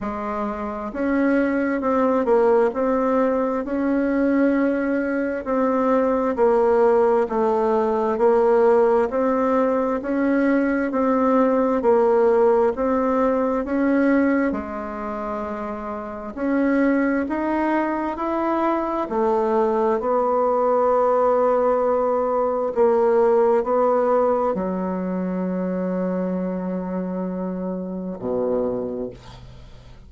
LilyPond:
\new Staff \with { instrumentName = "bassoon" } { \time 4/4 \tempo 4 = 66 gis4 cis'4 c'8 ais8 c'4 | cis'2 c'4 ais4 | a4 ais4 c'4 cis'4 | c'4 ais4 c'4 cis'4 |
gis2 cis'4 dis'4 | e'4 a4 b2~ | b4 ais4 b4 fis4~ | fis2. b,4 | }